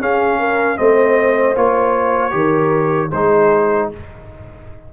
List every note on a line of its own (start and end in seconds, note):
0.00 0.77 C#4
0.00 0.79 C#4
0.00 0.40 G#4
0.00 0.78 F5
0.40 0.79 A#4
0.77 1.57 A3
0.77 1.55 C4
0.77 2.36 C5
0.77 1.56 D#5
1.57 2.34 A#3
1.57 2.31 F4
1.57 3.12 C#5
2.31 3.12 D#3
2.31 3.09 G4
2.31 3.11 A#4
3.11 3.91 G#3
3.11 3.93 D#4
3.11 3.89 G#4
3.11 3.90 C5